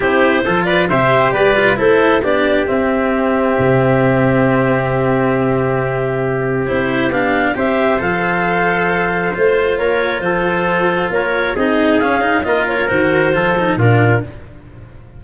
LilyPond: <<
  \new Staff \with { instrumentName = "clarinet" } { \time 4/4 \tempo 4 = 135 c''4. d''8 e''4 d''4 | c''4 d''4 e''2~ | e''1~ | e''2. c''4 |
f''4 e''4 f''2~ | f''4 c''4 cis''4 c''4~ | c''4 cis''4 dis''4 f''4 | dis''8 cis''8 c''2 ais'4 | }
  \new Staff \with { instrumentName = "trumpet" } { \time 4/4 g'4 a'8 b'8 c''4 b'4 | a'4 g'2.~ | g'1~ | g'1~ |
g'4 c''2.~ | c''2 ais'4 a'4~ | a'4 ais'4 gis'2 | ais'2 a'4 f'4 | }
  \new Staff \with { instrumentName = "cello" } { \time 4/4 e'4 f'4 g'4. f'8 | e'4 d'4 c'2~ | c'1~ | c'2. e'4 |
d'4 g'4 a'2~ | a'4 f'2.~ | f'2 dis'4 cis'8 dis'8 | f'4 fis'4 f'8 dis'8 d'4 | }
  \new Staff \with { instrumentName = "tuba" } { \time 4/4 c'4 f4 c4 g4 | a4 b4 c'2 | c1~ | c2. c'4 |
b4 c'4 f2~ | f4 a4 ais4 f4~ | f4 ais4 c'4 cis'4 | ais4 dis4 f4 ais,4 | }
>>